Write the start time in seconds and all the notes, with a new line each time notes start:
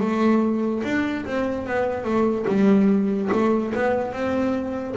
0.00 A3
0.84 D4
1.26 C4
1.66 B3
2.04 A3
2.47 G3
3.32 A3
3.74 B3
4.12 C4